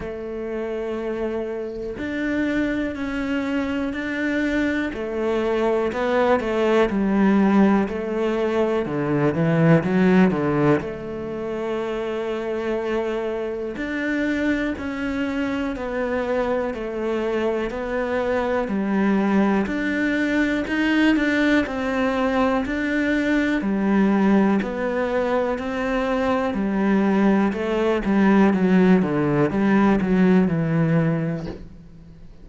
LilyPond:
\new Staff \with { instrumentName = "cello" } { \time 4/4 \tempo 4 = 61 a2 d'4 cis'4 | d'4 a4 b8 a8 g4 | a4 d8 e8 fis8 d8 a4~ | a2 d'4 cis'4 |
b4 a4 b4 g4 | d'4 dis'8 d'8 c'4 d'4 | g4 b4 c'4 g4 | a8 g8 fis8 d8 g8 fis8 e4 | }